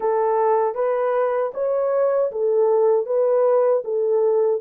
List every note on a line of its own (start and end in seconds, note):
0.00 0.74 A4
0.74 1.51 B4
1.54 2.31 C#5
2.31 3.06 A4
3.06 3.83 B4
3.84 4.61 A4